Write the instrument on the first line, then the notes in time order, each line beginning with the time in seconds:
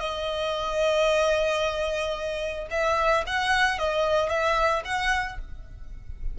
violin
0.00 D#5
2.71 E5
3.27 F#5
3.79 D#5
4.30 E5
4.85 F#5